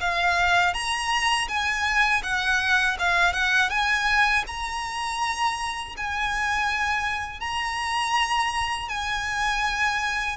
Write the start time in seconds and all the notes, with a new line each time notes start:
0.00 F5
0.74 A#5
1.48 G#5
2.23 F#5
2.99 F5
3.33 F#5
3.70 G#5
4.47 A#5
5.97 G#5
7.40 A#5
8.89 G#5